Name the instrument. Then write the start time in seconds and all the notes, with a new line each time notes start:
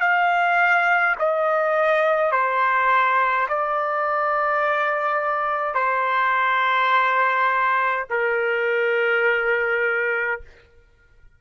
trumpet
0.00 F5
1.19 D#5
2.31 C5
3.48 D5
5.74 C5
8.10 A#4